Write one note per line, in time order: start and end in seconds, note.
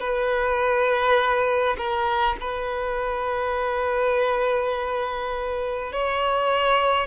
0.00 1.76 B4
1.78 2.37 A#4
2.41 5.93 B4
5.93 7.07 C#5